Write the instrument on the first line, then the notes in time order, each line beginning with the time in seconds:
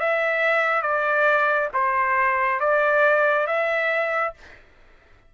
trumpet
0.00 E5
0.82 D5
1.74 C5
2.60 D5
3.47 E5